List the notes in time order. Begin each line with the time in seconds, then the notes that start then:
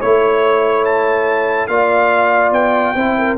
0.00 A3 E4 C#5
0.85 A5
1.68 A#3 F4 D5 F5
2.52 B3 G5
2.95 C4 E4 C5
3.18 A#4